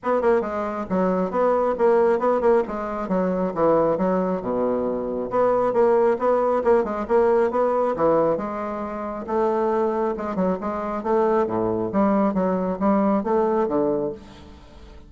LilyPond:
\new Staff \with { instrumentName = "bassoon" } { \time 4/4 \tempo 4 = 136 b8 ais8 gis4 fis4 b4 | ais4 b8 ais8 gis4 fis4 | e4 fis4 b,2 | b4 ais4 b4 ais8 gis8 |
ais4 b4 e4 gis4~ | gis4 a2 gis8 fis8 | gis4 a4 a,4 g4 | fis4 g4 a4 d4 | }